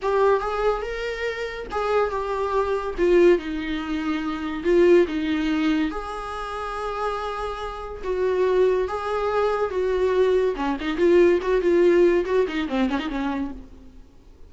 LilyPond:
\new Staff \with { instrumentName = "viola" } { \time 4/4 \tempo 4 = 142 g'4 gis'4 ais'2 | gis'4 g'2 f'4 | dis'2. f'4 | dis'2 gis'2~ |
gis'2. fis'4~ | fis'4 gis'2 fis'4~ | fis'4 cis'8 dis'8 f'4 fis'8 f'8~ | f'4 fis'8 dis'8 c'8 cis'16 dis'16 cis'4 | }